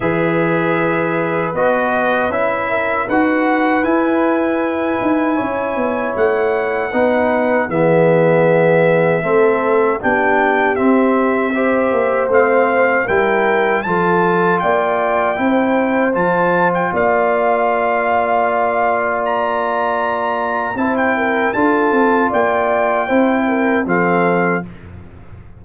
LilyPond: <<
  \new Staff \with { instrumentName = "trumpet" } { \time 4/4 \tempo 4 = 78 e''2 dis''4 e''4 | fis''4 gis''2. | fis''2 e''2~ | e''4 g''4 e''2 |
f''4 g''4 a''4 g''4~ | g''4 a''8. g''16 f''2~ | f''4 ais''2 a''16 g''8. | a''4 g''2 f''4 | }
  \new Staff \with { instrumentName = "horn" } { \time 4/4 b'2.~ b'8 ais'8 | b'2. cis''4~ | cis''4 b'4 gis'2 | a'4 g'2 c''4~ |
c''4 ais'4 a'4 d''4 | c''2 d''2~ | d''2. c''8 ais'8 | a'4 d''4 c''8 ais'8 a'4 | }
  \new Staff \with { instrumentName = "trombone" } { \time 4/4 gis'2 fis'4 e'4 | fis'4 e'2.~ | e'4 dis'4 b2 | c'4 d'4 c'4 g'4 |
c'4 e'4 f'2 | e'4 f'2.~ | f'2. e'4 | f'2 e'4 c'4 | }
  \new Staff \with { instrumentName = "tuba" } { \time 4/4 e2 b4 cis'4 | dis'4 e'4. dis'8 cis'8 b8 | a4 b4 e2 | a4 b4 c'4. ais8 |
a4 g4 f4 ais4 | c'4 f4 ais2~ | ais2. c'4 | d'8 c'8 ais4 c'4 f4 | }
>>